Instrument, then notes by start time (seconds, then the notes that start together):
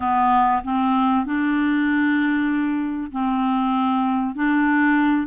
clarinet
0.00 B3
0.64 C4
1.25 D4
3.11 C4
4.35 D4